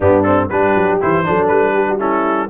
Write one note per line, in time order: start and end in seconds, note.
0.00 0.50 G2
0.00 0.24 B3
0.00 0.49 D4
0.00 0.23 G4
0.23 0.49 C4
0.23 0.47 A4
0.49 0.75 G3
0.49 1.00 D4
0.49 1.25 G4
0.49 0.99 B4
0.75 1.00 F#3
1.00 1.27 E3
1.00 1.24 E4
1.00 1.47 C5
1.24 1.49 F#3
1.24 1.98 D4
1.24 1.74 A4
1.47 2.49 G3
1.47 1.97 B4
1.74 1.86 G4
1.89 1.99 F#4
1.98 2.48 C#4
1.98 2.49 E4
1.98 2.49 A4